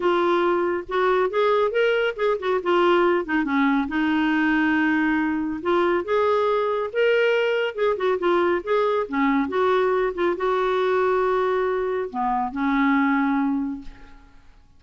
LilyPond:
\new Staff \with { instrumentName = "clarinet" } { \time 4/4 \tempo 4 = 139 f'2 fis'4 gis'4 | ais'4 gis'8 fis'8 f'4. dis'8 | cis'4 dis'2.~ | dis'4 f'4 gis'2 |
ais'2 gis'8 fis'8 f'4 | gis'4 cis'4 fis'4. f'8 | fis'1 | b4 cis'2. | }